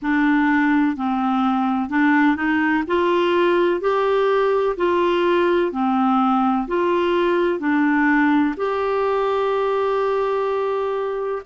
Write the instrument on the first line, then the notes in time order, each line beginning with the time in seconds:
clarinet
0.02 D4
0.96 C4
1.89 D4
2.35 D#4
2.87 F4
3.81 G4
4.77 F4
5.71 C4
6.67 F4
7.59 D4
8.56 G4